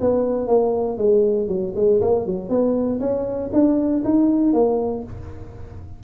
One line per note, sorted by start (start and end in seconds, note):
0.00 0.47 B3
0.47 0.97 A#3
0.97 1.48 G#3
1.48 1.73 F#3
1.75 2.01 G#3
2.01 2.26 A#3
2.26 2.49 F#3
2.49 2.99 B3
3.00 3.50 C#4
3.52 4.03 D4
4.04 4.53 D#4
4.53 5.03 A#3